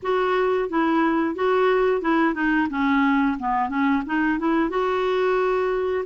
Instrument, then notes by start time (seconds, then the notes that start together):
clarinet
0.02 F#4
0.69 E4
1.35 F#4
2.01 E4
2.34 D#4
2.70 C#4
3.39 B3
3.69 C#4
4.06 D#4
4.39 E4
4.69 F#4